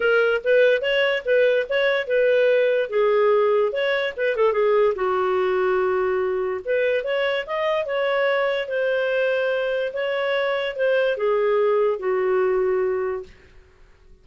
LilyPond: \new Staff \with { instrumentName = "clarinet" } { \time 4/4 \tempo 4 = 145 ais'4 b'4 cis''4 b'4 | cis''4 b'2 gis'4~ | gis'4 cis''4 b'8 a'8 gis'4 | fis'1 |
b'4 cis''4 dis''4 cis''4~ | cis''4 c''2. | cis''2 c''4 gis'4~ | gis'4 fis'2. | }